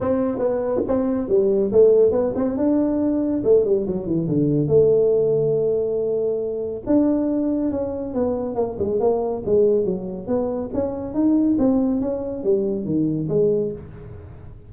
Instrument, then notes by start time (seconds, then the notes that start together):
tuba
0.01 C4
0.38 B3
0.87 C4
1.28 G3
1.72 A3
2.11 B3
2.35 C4
2.57 D4
3.44 A3
3.64 G3
3.86 F#3
4.06 E3
4.28 D3
4.67 A3
6.86 D4
7.71 C#4
8.14 B3
8.55 A#3
8.78 G#3
9.00 A#3
9.45 G#3
9.85 F#3
10.27 B3
10.73 C#4
11.14 D#4
11.58 C4
12.00 C#4
12.43 G3
12.85 D#3
13.29 G#3